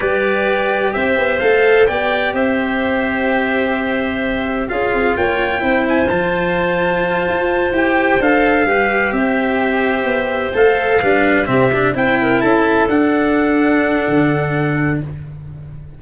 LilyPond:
<<
  \new Staff \with { instrumentName = "trumpet" } { \time 4/4 \tempo 4 = 128 d''2 e''4 f''4 | g''4 e''2.~ | e''2 f''4 g''4~ | g''8 gis''8 a''2.~ |
a''8 g''4 f''2 e''8~ | e''2~ e''8 f''4.~ | f''8 e''4 g''4 a''4 fis''8~ | fis''1 | }
  \new Staff \with { instrumentName = "clarinet" } { \time 4/4 b'2 c''2 | d''4 c''2.~ | c''2 gis'4 cis''4 | c''1~ |
c''2~ c''8 b'4 c''8~ | c''2.~ c''8 b'8~ | b'8 g'4 c''8 ais'8 a'4.~ | a'1 | }
  \new Staff \with { instrumentName = "cello" } { \time 4/4 g'2. a'4 | g'1~ | g'2 f'2 | e'4 f'2.~ |
f'8 g'4 a'4 g'4.~ | g'2~ g'8 a'4 d'8~ | d'8 c'8 d'8 e'2 d'8~ | d'1 | }
  \new Staff \with { instrumentName = "tuba" } { \time 4/4 g2 c'8 b8 a4 | b4 c'2.~ | c'2 cis'8 c'8 ais4 | c'4 f2~ f8 f'8~ |
f'8 e'4 d'4 g4 c'8~ | c'4. b4 a4 g8~ | g8 c4 c'4 cis'4 d'8~ | d'2 d2 | }
>>